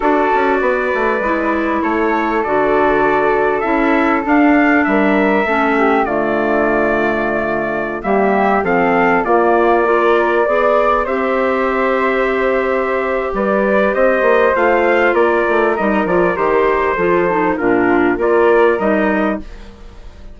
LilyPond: <<
  \new Staff \with { instrumentName = "trumpet" } { \time 4/4 \tempo 4 = 99 d''2. cis''4 | d''2 e''4 f''4 | e''2 d''2~ | d''4~ d''16 e''4 f''4 d''8.~ |
d''2~ d''16 e''4.~ e''16~ | e''2 d''4 dis''4 | f''4 d''4 dis''8 d''8 c''4~ | c''4 ais'4 d''4 dis''4 | }
  \new Staff \with { instrumentName = "flute" } { \time 4/4 a'4 b'2 a'4~ | a'1 | ais'4 a'8 g'8 f'2~ | f'4~ f'16 g'4 a'4 f'8.~ |
f'16 ais'4 d''4 c''4.~ c''16~ | c''2 b'4 c''4~ | c''4 ais'2. | a'4 f'4 ais'2 | }
  \new Staff \with { instrumentName = "clarinet" } { \time 4/4 fis'2 e'2 | fis'2 e'4 d'4~ | d'4 cis'4 a2~ | a4~ a16 ais4 c'4 ais8.~ |
ais16 f'4 gis'4 g'4.~ g'16~ | g'1 | f'2 dis'8 f'8 g'4 | f'8 dis'8 d'4 f'4 dis'4 | }
  \new Staff \with { instrumentName = "bassoon" } { \time 4/4 d'8 cis'8 b8 a8 gis4 a4 | d2 cis'4 d'4 | g4 a4 d2~ | d4~ d16 g4 f4 ais8.~ |
ais4~ ais16 b4 c'4.~ c'16~ | c'2 g4 c'8 ais8 | a4 ais8 a8 g8 f8 dis4 | f4 ais,4 ais4 g4 | }
>>